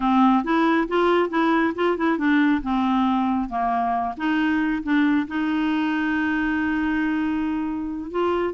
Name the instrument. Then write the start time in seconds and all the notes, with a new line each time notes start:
clarinet
0.00 C4
0.44 E4
0.88 F4
1.29 E4
1.75 F4
1.97 E4
2.17 D4
2.62 C4
3.49 A#3
4.17 D#4
4.83 D4
5.27 D#4
8.10 F4